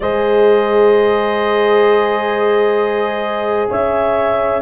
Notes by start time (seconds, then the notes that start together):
0.00 G#3 G#4 C5 D#5
3.69 C#4 C#5 E5